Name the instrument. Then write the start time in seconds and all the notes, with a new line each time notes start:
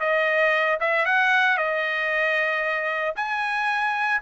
trumpet
0.00 D#5
0.80 E5
1.06 F#5
1.57 D#5
3.16 G#5